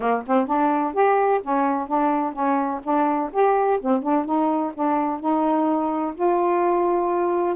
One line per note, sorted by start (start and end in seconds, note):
0.00 0.23 A#3
0.26 0.47 C4
0.47 0.93 D4
0.93 1.40 G4
1.42 1.87 C#4
1.87 2.33 D4
2.33 2.80 C#4
2.83 3.30 D4
3.32 3.79 G4
3.80 4.02 C4
4.02 4.25 D4
4.25 4.72 D#4
4.74 5.20 D4
5.20 6.14 D#4
6.14 7.55 F4